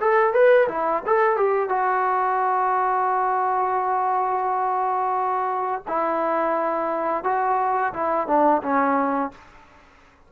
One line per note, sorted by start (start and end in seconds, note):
0.00 0.33 A4
0.33 0.68 B4
0.68 1.03 E4
1.06 1.36 A4
1.36 1.69 G4
1.69 5.82 F#4
5.88 7.24 E4
7.24 7.93 F#4
7.93 8.27 E4
8.27 8.61 D4
8.62 9.31 C#4